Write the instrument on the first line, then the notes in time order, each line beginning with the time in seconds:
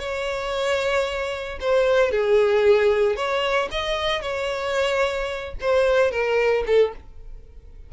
violin
0.00 C#5
1.61 C5
2.12 G#4
3.16 C#5
3.71 D#5
4.22 C#5
5.61 C5
6.12 A#4
6.67 A4